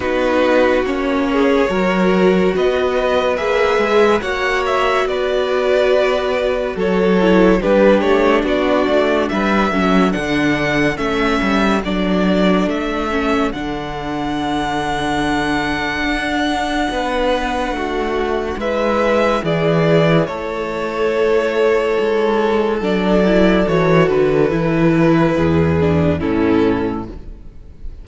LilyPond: <<
  \new Staff \with { instrumentName = "violin" } { \time 4/4 \tempo 4 = 71 b'4 cis''2 dis''4 | e''4 fis''8 e''8 d''2 | cis''4 b'8 cis''8 d''4 e''4 | fis''4 e''4 d''4 e''4 |
fis''1~ | fis''2 e''4 d''4 | cis''2. d''4 | cis''8 b'2~ b'8 a'4 | }
  \new Staff \with { instrumentName = "violin" } { \time 4/4 fis'4. gis'8 ais'4 b'4~ | b'4 cis''4 b'2 | a'4 g'4 fis'4 b'8 a'8~ | a'1~ |
a'1 | b'4 fis'4 b'4 gis'4 | a'1~ | a'2 gis'4 e'4 | }
  \new Staff \with { instrumentName = "viola" } { \time 4/4 dis'4 cis'4 fis'2 | gis'4 fis'2.~ | fis'8 e'8 d'2~ d'8 cis'8 | d'4 cis'4 d'4. cis'8 |
d'1~ | d'2 e'2~ | e'2. d'8 e'8 | fis'4 e'4. d'8 cis'4 | }
  \new Staff \with { instrumentName = "cello" } { \time 4/4 b4 ais4 fis4 b4 | ais8 gis8 ais4 b2 | fis4 g8 a8 b8 a8 g8 fis8 | d4 a8 g8 fis4 a4 |
d2. d'4 | b4 a4 gis4 e4 | a2 gis4 fis4 | e8 d8 e4 e,4 a,4 | }
>>